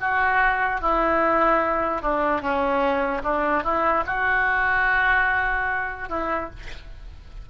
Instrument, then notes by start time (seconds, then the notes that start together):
oboe
0.00 F#4
0.81 E4
2.02 D4
2.41 C#4
3.23 D4
3.63 E4
4.06 F#4
6.09 E4